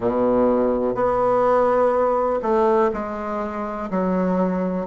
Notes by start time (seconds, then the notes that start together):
0.00 B2
0.95 B3
2.42 A3
2.93 G#3
3.90 F#3